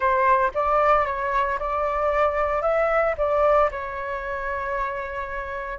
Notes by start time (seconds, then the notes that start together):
0.00 C5
0.54 D5
1.06 C#5
1.59 D5
2.62 E5
3.17 D5
3.71 C#5